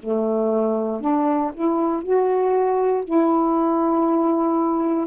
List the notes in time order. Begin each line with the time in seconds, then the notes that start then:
0.00 A3
1.01 D4
1.54 E4
2.03 F#4
3.05 E4